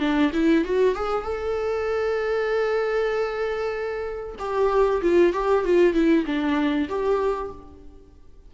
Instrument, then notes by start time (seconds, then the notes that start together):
viola
0.00 D4
0.33 E4
0.64 F#4
0.95 G#4
1.23 A4
4.39 G4
5.02 F4
5.33 G4
5.64 F4
5.94 E4
6.26 D4
6.89 G4